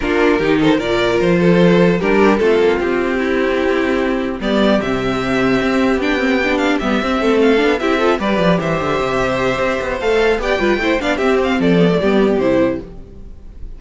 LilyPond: <<
  \new Staff \with { instrumentName = "violin" } { \time 4/4 \tempo 4 = 150 ais'4. c''8 d''4 c''4~ | c''4 ais'4 a'4 g'4~ | g'2. d''4 | e''2. g''4~ |
g''8 f''8 e''4. f''4 e''8~ | e''8 d''4 e''2~ e''8~ | e''4 f''4 g''4. f''8 | e''8 f''8 d''2 c''4 | }
  \new Staff \with { instrumentName = "violin" } { \time 4/4 f'4 g'8 a'8 ais'4. a'8~ | a'4 g'4 f'2 | e'2. g'4~ | g'1~ |
g'2 a'4. g'8 | a'8 b'4 c''2~ c''8~ | c''2 d''8 b'8 c''8 d''8 | g'4 a'4 g'2 | }
  \new Staff \with { instrumentName = "viola" } { \time 4/4 d'4 dis'4 f'2~ | f'4 d'4 c'2~ | c'2. b4 | c'2. d'8 c'8 |
d'4 b8 c'4. d'8 e'8 | f'8 g'2.~ g'8~ | g'4 a'4 g'8 f'8 e'8 d'8 | c'4. b16 a16 b4 e'4 | }
  \new Staff \with { instrumentName = "cello" } { \time 4/4 ais4 dis4 ais,4 f4~ | f4 g4 a8 ais8 c'4~ | c'2. g4 | c2 c'4 b4~ |
b4 g8 c'8 a4 b8 c'8~ | c'8 g8 f8 e8 d8 c4. | c'8 b8 a4 b8 g8 a8 b8 | c'4 f4 g4 c4 | }
>>